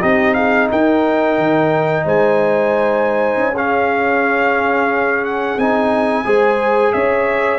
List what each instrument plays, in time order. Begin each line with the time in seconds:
0.00 tuba C4, trombone D#4, horn G4, trumpet D#5
0.33 horn G#4, trumpet F5
0.70 tuba D#4, horn A#4, trumpet G5
1.37 tuba D#3
2.04 tuba G#3, horn C5, trumpet G#5
3.36 tuba C#4
3.53 trombone C#4, horn G#4, trumpet F5
5.25 trumpet F#5
5.57 tuba C4, trombone D#4, trumpet G#5
6.25 tuba G#3, trombone G#4, horn C5
6.93 tuba C#4, horn C#5, trumpet E5